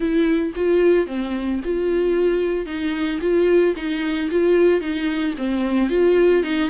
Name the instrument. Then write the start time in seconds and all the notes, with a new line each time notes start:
viola
0.00 E4
0.55 F4
1.06 C4
1.64 F4
2.66 D#4
3.21 F4
3.76 D#4
4.30 F4
4.80 D#4
5.37 C4
5.89 F4
6.43 D#4